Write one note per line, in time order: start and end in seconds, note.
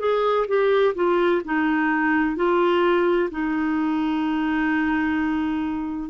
0.00 0.47 G#4
0.48 0.95 G4
0.95 1.42 F4
1.45 2.37 D#4
2.37 3.30 F4
3.31 6.10 D#4